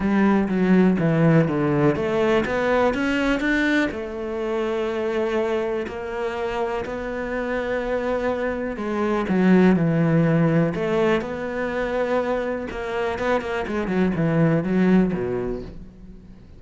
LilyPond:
\new Staff \with { instrumentName = "cello" } { \time 4/4 \tempo 4 = 123 g4 fis4 e4 d4 | a4 b4 cis'4 d'4 | a1 | ais2 b2~ |
b2 gis4 fis4 | e2 a4 b4~ | b2 ais4 b8 ais8 | gis8 fis8 e4 fis4 b,4 | }